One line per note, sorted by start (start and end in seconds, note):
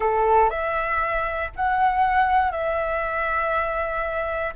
0.00 0.50 A4
0.50 1.51 E5
1.56 2.51 F#5
2.51 4.53 E5